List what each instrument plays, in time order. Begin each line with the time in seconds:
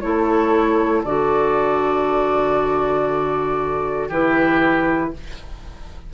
0.00 bassoon A3, clarinet E4, oboe A4, flute C#5
1.04 bassoon D3, clarinet F#4, flute D5
4.08 bassoon E3, clarinet E4, oboe G4, flute B4